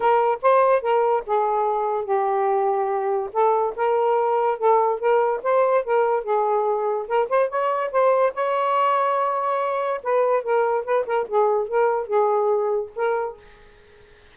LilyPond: \new Staff \with { instrumentName = "saxophone" } { \time 4/4 \tempo 4 = 144 ais'4 c''4 ais'4 gis'4~ | gis'4 g'2. | a'4 ais'2 a'4 | ais'4 c''4 ais'4 gis'4~ |
gis'4 ais'8 c''8 cis''4 c''4 | cis''1 | b'4 ais'4 b'8 ais'8 gis'4 | ais'4 gis'2 ais'4 | }